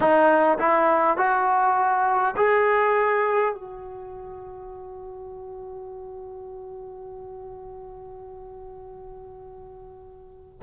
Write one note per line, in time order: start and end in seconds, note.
0.00 0.58 D#4
0.58 1.17 E4
1.17 2.35 F#4
2.36 3.53 G#4
3.53 10.59 F#4